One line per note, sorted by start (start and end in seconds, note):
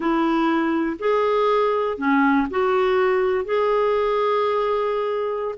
0.00 0.96 E4
0.99 1.97 G#4
1.97 2.47 C#4
2.50 3.44 F#4
3.44 5.55 G#4